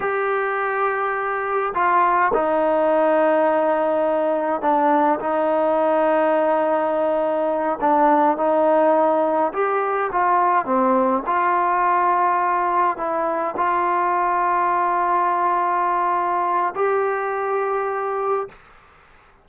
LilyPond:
\new Staff \with { instrumentName = "trombone" } { \time 4/4 \tempo 4 = 104 g'2. f'4 | dis'1 | d'4 dis'2.~ | dis'4. d'4 dis'4.~ |
dis'8 g'4 f'4 c'4 f'8~ | f'2~ f'8 e'4 f'8~ | f'1~ | f'4 g'2. | }